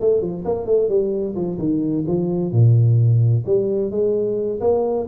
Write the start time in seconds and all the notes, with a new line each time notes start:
0.00 A3
0.21 F3
0.44 A#3
0.66 A3
0.89 G3
1.35 F3
1.58 D#3
2.07 F3
2.52 A#2
3.46 G3
3.90 G#3
4.60 A#3